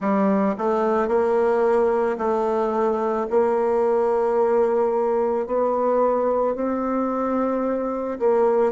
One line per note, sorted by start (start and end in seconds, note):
0.00 0.55 G3
0.58 1.08 A3
1.08 2.17 A#3
2.17 3.26 A3
3.30 5.46 A#3
5.46 6.55 B3
6.55 8.18 C4
8.19 8.72 A#3